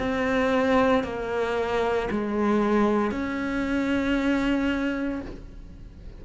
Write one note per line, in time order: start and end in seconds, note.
0.00 1.04 C4
1.04 2.10 A#3
2.11 3.11 G#3
3.11 5.22 C#4